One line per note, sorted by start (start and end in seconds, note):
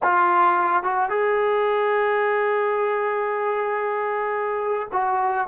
0.02 0.83 F4
0.83 1.09 F#4
1.09 4.88 G#4
4.92 5.47 F#4